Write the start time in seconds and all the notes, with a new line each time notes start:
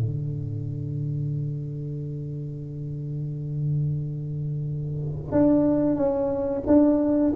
0.00 D3
5.31 D4
5.96 C#4
6.66 D4